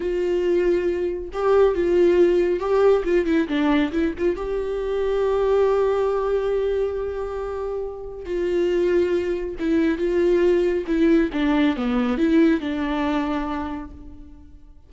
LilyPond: \new Staff \with { instrumentName = "viola" } { \time 4/4 \tempo 4 = 138 f'2. g'4 | f'2 g'4 f'8 e'8 | d'4 e'8 f'8 g'2~ | g'1~ |
g'2. f'4~ | f'2 e'4 f'4~ | f'4 e'4 d'4 b4 | e'4 d'2. | }